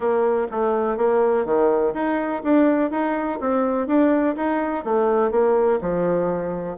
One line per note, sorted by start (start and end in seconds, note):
0.00 0.47 A#3
0.51 0.97 A3
0.97 1.45 A#3
1.45 1.93 D#3
1.94 2.42 D#4
2.43 2.90 D4
2.90 3.39 D#4
3.40 3.87 C4
3.87 4.35 D4
4.36 4.84 D#4
4.84 5.31 A3
5.31 5.79 A#3
5.81 6.77 F3